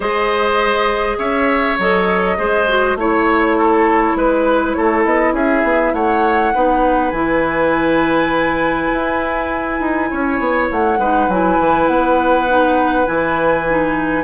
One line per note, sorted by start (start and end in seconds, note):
0.00 1.16 G#3
0.00 1.76 G#4
0.00 1.17 C5
0.00 1.18 D#5
1.18 1.77 C#4
1.18 2.37 C#5
1.18 1.77 E5
1.78 2.38 F#3
1.78 2.37 A4
1.78 2.98 D#5
2.37 2.95 G#3
2.37 2.66 G#4
2.37 2.97 C5
2.68 2.97 F#4
2.95 4.14 A3
2.95 6.54 E4
2.95 3.57 C#5
2.95 4.17 C#5
3.57 4.17 A4
4.15 4.74 G#3
4.15 4.76 B4
4.15 4.73 B4
4.73 5.05 A3
4.73 5.33 A4
4.73 5.02 C#5
5.04 5.33 B3
5.04 5.34 D#5
5.33 5.62 C#4
5.33 5.93 G#4
5.33 5.94 E5
5.63 5.92 B3
5.93 6.52 A3
5.93 6.53 C#5
5.93 7.10 F#5
6.54 7.12 B3
6.54 7.13 D#4
6.54 10.10 B4
7.10 8.90 E3
7.10 10.99 E4
7.10 10.66 G#5
8.92 9.80 E4
9.80 10.09 D#4
10.10 10.39 C#4
10.10 10.99 C#5
10.39 10.69 B3
10.71 10.98 A3
10.71 11.30 F#5
10.98 11.28 G#3
10.98 11.30 D#4
10.98 14.24 B4
11.28 11.58 F#3
11.28 12.48 E4
11.28 11.87 G#5
11.59 11.88 E3
11.87 13.06 B3
11.87 13.06 F#5
12.48 13.05 D#4
13.05 14.24 E3
13.05 13.65 E4
13.05 14.24 G#5
13.69 14.24 D#4